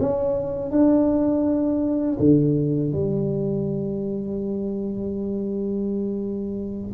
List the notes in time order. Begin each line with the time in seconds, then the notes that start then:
0.00 C#4
0.71 D4
2.19 D3
2.92 G3